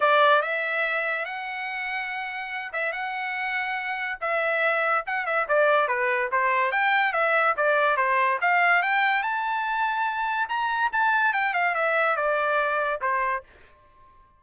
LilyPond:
\new Staff \with { instrumentName = "trumpet" } { \time 4/4 \tempo 4 = 143 d''4 e''2 fis''4~ | fis''2~ fis''8 e''8 fis''4~ | fis''2 e''2 | fis''8 e''8 d''4 b'4 c''4 |
g''4 e''4 d''4 c''4 | f''4 g''4 a''2~ | a''4 ais''4 a''4 g''8 f''8 | e''4 d''2 c''4 | }